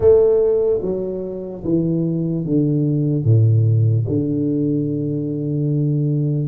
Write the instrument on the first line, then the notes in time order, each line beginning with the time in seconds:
tuba
0.00 A3
0.82 F#3
1.64 E3
2.45 D3
3.24 A2
4.08 D3